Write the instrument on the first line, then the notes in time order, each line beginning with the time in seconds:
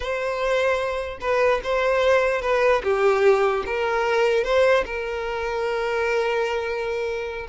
violin
0.00 C5
1.20 B4
1.63 C5
2.41 B4
2.83 G4
3.66 A#4
4.44 C5
4.85 A#4